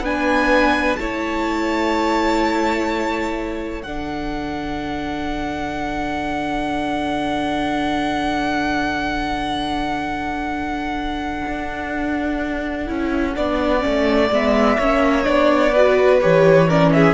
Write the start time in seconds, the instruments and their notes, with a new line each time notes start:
0.00 cello B3, viola D4, violin B4 G#5
0.96 cello A3, viola E4, violin C#5 A5
3.82 cello D3, viola D4, violin A4 F#5
11.47 cello D4
12.86 cello C#4, viola E4
13.35 cello B3, viola D4, violin D5
13.80 cello A3, viola C#4
14.30 cello G#3, viola B3, violin E5
14.77 cello A#3, viola C#4, violin C#5
15.23 cello B3, viola D4, violin D5
15.72 viola F#4, violin B4
16.21 cello E3, viola G4, violin C#5
16.67 viola C#4, violin A#4 D5
16.92 violin G#4 E5